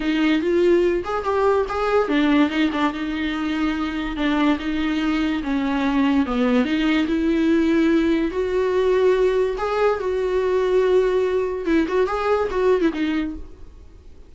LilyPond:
\new Staff \with { instrumentName = "viola" } { \time 4/4 \tempo 4 = 144 dis'4 f'4. gis'8 g'4 | gis'4 d'4 dis'8 d'8 dis'4~ | dis'2 d'4 dis'4~ | dis'4 cis'2 b4 |
dis'4 e'2. | fis'2. gis'4 | fis'1 | e'8 fis'8 gis'4 fis'8. e'16 dis'4 | }